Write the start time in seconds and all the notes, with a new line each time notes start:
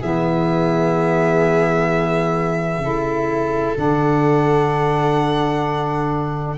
0.00 E3 B3 G#4 E5
2.78 C#3 E4 A4
3.75 D3 D4 F#5